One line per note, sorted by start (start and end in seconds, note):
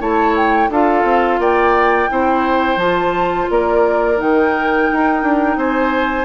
0.00 0.69 A3
0.00 0.70 E4
0.00 0.70 C#5
0.00 0.36 A5
0.37 0.72 G5
0.69 1.04 D4
0.69 2.09 F4
0.69 1.40 A4
0.69 1.40 F5
1.04 1.39 C4
1.39 2.08 A#3
1.39 2.10 D5
1.39 2.79 G5
2.09 2.76 C4
2.09 2.79 E4
2.09 3.51 C5
2.76 3.46 F3
2.76 4.16 F4
2.76 3.49 A5
3.50 4.20 A#3
3.50 5.58 A#4
3.50 4.20 D5
4.16 4.90 D#3
4.16 6.25 D#4
4.16 5.60 G5
4.92 5.23 D#4
5.23 5.56 D4
5.56 6.25 C4
5.56 6.25 C5
5.56 6.25 G#5